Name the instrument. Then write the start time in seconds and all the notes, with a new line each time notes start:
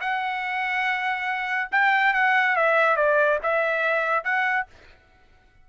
trumpet
0.00 F#5
1.71 G5
2.13 F#5
2.56 E5
2.96 D5
3.42 E5
4.24 F#5